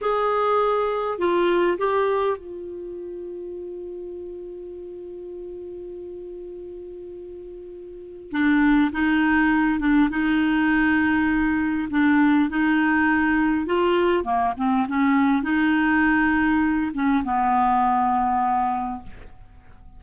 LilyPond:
\new Staff \with { instrumentName = "clarinet" } { \time 4/4 \tempo 4 = 101 gis'2 f'4 g'4 | f'1~ | f'1~ | f'2 d'4 dis'4~ |
dis'8 d'8 dis'2. | d'4 dis'2 f'4 | ais8 c'8 cis'4 dis'2~ | dis'8 cis'8 b2. | }